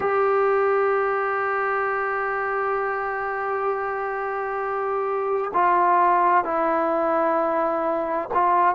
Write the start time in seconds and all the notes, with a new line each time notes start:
0.00 G4
5.53 F4
6.44 E4
8.33 F4